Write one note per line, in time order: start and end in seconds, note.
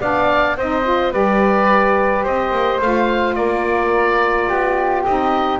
0.00 0.57 B3
0.00 0.56 D4
0.00 0.56 D5
0.00 0.57 F5
0.57 1.12 C4
0.57 0.84 D#4
0.57 1.11 C5
0.57 1.13 D#5
0.84 1.12 F4
1.11 2.25 G3
1.11 2.80 G4
1.11 2.23 B4
1.11 2.25 D5
2.23 2.51 C4
2.23 3.35 C5
2.23 2.81 D#5
2.51 2.79 A#3
2.81 3.37 A3
2.81 5.06 F4
2.81 3.35 F5
3.35 4.49 A#3
3.35 4.48 A#4
3.35 5.03 D5
4.48 5.05 B3
4.48 5.59 G4
5.05 5.59 C4
5.05 5.59 D#4
5.05 5.59 D#5